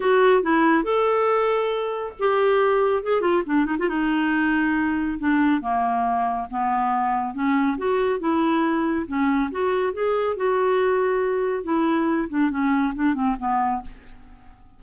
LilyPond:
\new Staff \with { instrumentName = "clarinet" } { \time 4/4 \tempo 4 = 139 fis'4 e'4 a'2~ | a'4 g'2 gis'8 f'8 | d'8 dis'16 f'16 dis'2. | d'4 ais2 b4~ |
b4 cis'4 fis'4 e'4~ | e'4 cis'4 fis'4 gis'4 | fis'2. e'4~ | e'8 d'8 cis'4 d'8 c'8 b4 | }